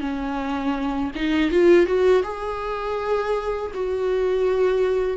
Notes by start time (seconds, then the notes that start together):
0.00 C#4
1.15 D#4
1.51 F4
1.86 F#4
2.24 G#4
3.74 F#4